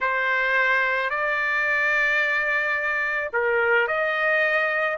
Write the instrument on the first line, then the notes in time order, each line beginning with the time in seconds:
trumpet
0.01 C5
1.10 D5
3.32 A#4
3.87 D#5